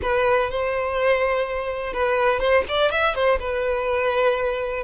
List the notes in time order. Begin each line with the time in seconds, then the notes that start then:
0.02 B4
0.50 C5
1.93 B4
2.39 C5
2.68 D5
2.91 E5
3.14 C5
3.39 B4